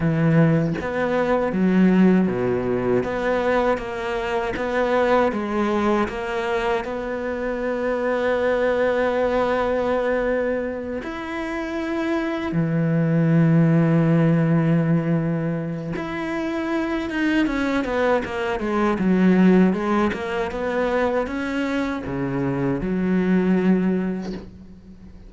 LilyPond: \new Staff \with { instrumentName = "cello" } { \time 4/4 \tempo 4 = 79 e4 b4 fis4 b,4 | b4 ais4 b4 gis4 | ais4 b2.~ | b2~ b8 e'4.~ |
e'8 e2.~ e8~ | e4 e'4. dis'8 cis'8 b8 | ais8 gis8 fis4 gis8 ais8 b4 | cis'4 cis4 fis2 | }